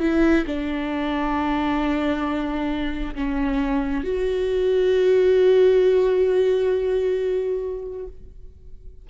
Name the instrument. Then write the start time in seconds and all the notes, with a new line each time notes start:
viola
0.00 E4
0.46 D4
3.15 C#4
4.04 F#4